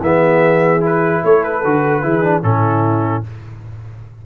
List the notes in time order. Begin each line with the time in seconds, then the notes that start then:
0.00 E3 B3 G#4 E5
0.80 E4 B4
1.23 A3 A4 C#5
1.43 B4
1.64 D3 F#4
2.02 E3 E4 G#4
2.22 D4
2.42 A2 C#4 E4 A4